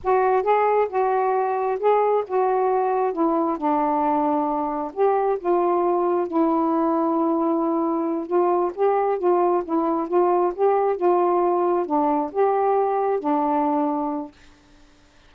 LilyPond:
\new Staff \with { instrumentName = "saxophone" } { \time 4/4 \tempo 4 = 134 fis'4 gis'4 fis'2 | gis'4 fis'2 e'4 | d'2. g'4 | f'2 e'2~ |
e'2~ e'8 f'4 g'8~ | g'8 f'4 e'4 f'4 g'8~ | g'8 f'2 d'4 g'8~ | g'4. d'2~ d'8 | }